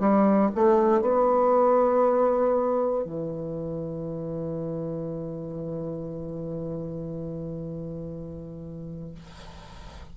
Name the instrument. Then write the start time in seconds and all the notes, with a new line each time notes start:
bassoon
0.00 G3
0.55 A3
1.02 B3
3.05 E3